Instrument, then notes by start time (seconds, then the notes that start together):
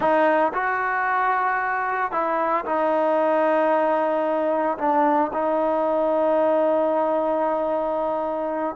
trombone
0.00 D#4
0.53 F#4
2.11 E4
2.65 D#4
4.78 D4
5.33 D#4